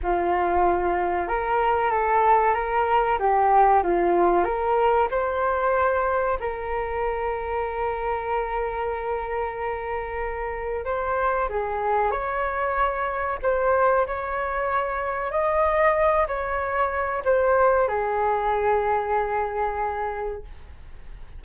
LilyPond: \new Staff \with { instrumentName = "flute" } { \time 4/4 \tempo 4 = 94 f'2 ais'4 a'4 | ais'4 g'4 f'4 ais'4 | c''2 ais'2~ | ais'1~ |
ais'4 c''4 gis'4 cis''4~ | cis''4 c''4 cis''2 | dis''4. cis''4. c''4 | gis'1 | }